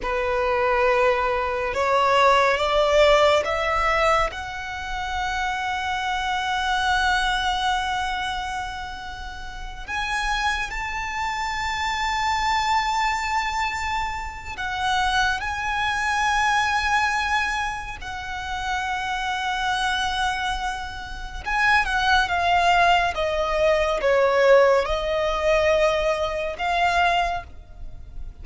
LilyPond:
\new Staff \with { instrumentName = "violin" } { \time 4/4 \tempo 4 = 70 b'2 cis''4 d''4 | e''4 fis''2.~ | fis''2.~ fis''8 gis''8~ | gis''8 a''2.~ a''8~ |
a''4 fis''4 gis''2~ | gis''4 fis''2.~ | fis''4 gis''8 fis''8 f''4 dis''4 | cis''4 dis''2 f''4 | }